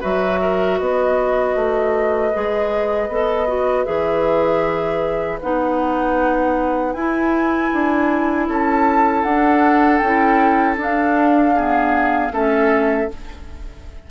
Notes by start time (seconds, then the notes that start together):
0.00 F#3 F#4 B4 E5
0.41 A#4
0.78 B3 B4 D#5
1.55 A3
2.33 G#3 G#4
3.08 B3 A4
3.47 F#4
3.85 E3 G#4 E5
5.41 B3 D#4 F#5
6.92 E4 G#5
7.72 D4
8.48 C#4 A4 A5
9.23 D4 F#5
9.98 C#4 G5
10.04 E4
10.76 D4 F5
11.55 B3 G#4
12.31 A3 C#4 A4 E5